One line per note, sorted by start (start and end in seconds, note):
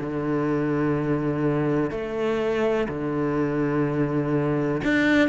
0.00 1.91 D3
1.91 2.88 A3
2.88 4.82 D3
4.84 5.29 D4